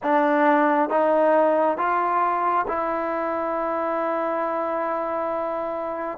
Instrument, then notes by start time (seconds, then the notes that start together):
trombone
0.02 D4
0.89 D#4
1.77 F4
2.67 E4